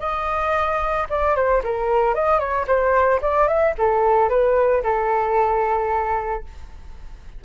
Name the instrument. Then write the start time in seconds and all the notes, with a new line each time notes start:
flute
0.00 D#5
1.10 D5
1.36 C5
1.64 A#4
2.15 D#5
2.40 C#5
2.67 C5
3.22 D5
3.48 E5
3.78 A4
4.30 B4
4.84 A4